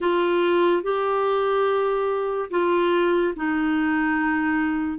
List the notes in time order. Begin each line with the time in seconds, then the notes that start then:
0.00 F4
0.83 G4
2.50 F4
3.35 D#4